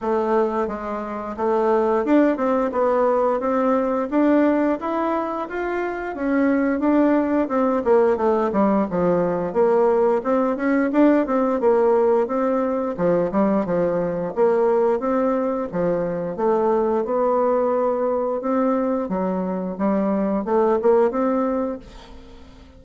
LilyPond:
\new Staff \with { instrumentName = "bassoon" } { \time 4/4 \tempo 4 = 88 a4 gis4 a4 d'8 c'8 | b4 c'4 d'4 e'4 | f'4 cis'4 d'4 c'8 ais8 | a8 g8 f4 ais4 c'8 cis'8 |
d'8 c'8 ais4 c'4 f8 g8 | f4 ais4 c'4 f4 | a4 b2 c'4 | fis4 g4 a8 ais8 c'4 | }